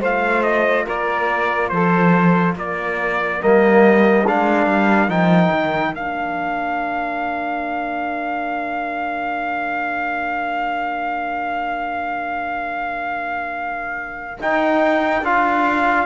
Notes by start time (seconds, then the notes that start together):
0.00 A3 F4 C5 F5
0.43 D#5
0.85 A#3 A#4 D5
1.69 F3 A4 C5
2.54 A#3 A#4 D5
3.40 G3 A#3 D#5
4.27 G#3 D4 F5
4.66 G3
5.08 F3 D#4 G5
5.52 D#3
5.93 A#3 D4 F5
14.39 D#4 G5
15.22 D4 F4 F5